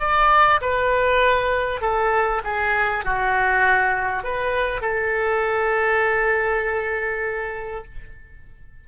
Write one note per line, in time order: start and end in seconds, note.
0.00 0.61 D5
0.61 1.82 B4
1.82 2.42 A4
2.44 3.05 G#4
3.05 4.24 F#4
4.24 4.82 B4
4.82 7.85 A4